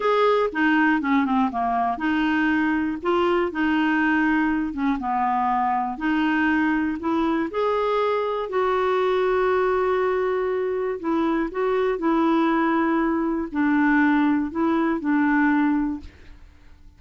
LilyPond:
\new Staff \with { instrumentName = "clarinet" } { \time 4/4 \tempo 4 = 120 gis'4 dis'4 cis'8 c'8 ais4 | dis'2 f'4 dis'4~ | dis'4. cis'8 b2 | dis'2 e'4 gis'4~ |
gis'4 fis'2.~ | fis'2 e'4 fis'4 | e'2. d'4~ | d'4 e'4 d'2 | }